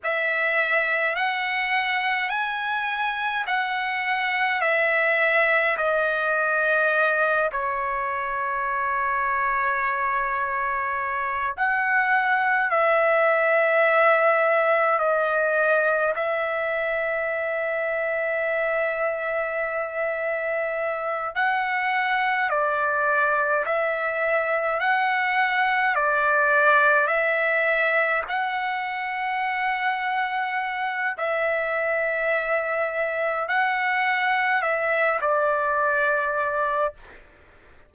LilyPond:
\new Staff \with { instrumentName = "trumpet" } { \time 4/4 \tempo 4 = 52 e''4 fis''4 gis''4 fis''4 | e''4 dis''4. cis''4.~ | cis''2 fis''4 e''4~ | e''4 dis''4 e''2~ |
e''2~ e''8 fis''4 d''8~ | d''8 e''4 fis''4 d''4 e''8~ | e''8 fis''2~ fis''8 e''4~ | e''4 fis''4 e''8 d''4. | }